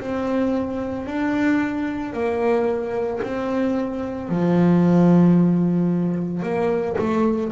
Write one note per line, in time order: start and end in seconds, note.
0.00 1.06 C4
1.06 2.13 D4
2.13 3.20 A#3
3.23 4.30 C4
4.30 6.43 F3
6.43 6.96 A#3
6.98 7.52 A3